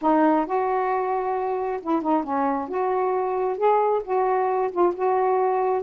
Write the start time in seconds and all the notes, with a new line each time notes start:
0.01 D#4
0.46 F#4
1.81 E4
2.02 D#4
2.23 C#4
2.68 F#4
3.57 G#4
4.04 F#4
4.71 F4
4.94 F#4